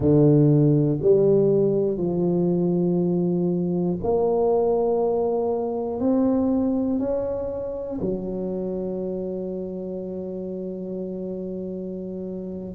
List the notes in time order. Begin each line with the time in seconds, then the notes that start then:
0.00 D3
1.01 G3
1.97 F3
4.03 A#3
6.00 C4
6.99 C#4
8.00 F#3